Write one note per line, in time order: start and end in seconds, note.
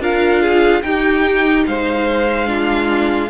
0.00 0.82 D4
0.00 0.84 F4
0.00 0.42 A#4
0.00 0.83 F5
0.42 0.83 G#4
0.83 1.65 D#4
0.83 2.46 D#4
0.83 1.68 G4
0.83 1.65 G5
1.67 3.30 G#3
1.67 2.48 C5
1.67 3.30 F5
2.46 3.28 D4
2.46 3.30 F4